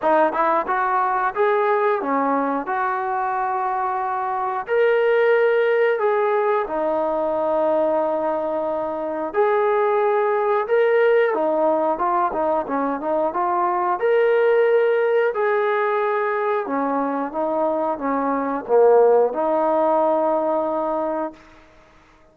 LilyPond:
\new Staff \with { instrumentName = "trombone" } { \time 4/4 \tempo 4 = 90 dis'8 e'8 fis'4 gis'4 cis'4 | fis'2. ais'4~ | ais'4 gis'4 dis'2~ | dis'2 gis'2 |
ais'4 dis'4 f'8 dis'8 cis'8 dis'8 | f'4 ais'2 gis'4~ | gis'4 cis'4 dis'4 cis'4 | ais4 dis'2. | }